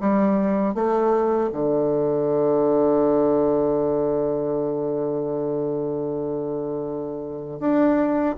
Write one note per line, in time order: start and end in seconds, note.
0.00 0.74 G3
0.74 1.50 A3
1.52 7.59 D3
7.59 8.35 D4